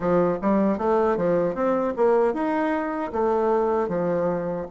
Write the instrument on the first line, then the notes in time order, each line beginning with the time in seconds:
bassoon
0.00 F3
0.41 G3
0.78 A3
1.16 F3
1.54 C4
1.96 A#3
2.33 D#4
3.12 A3
3.88 F3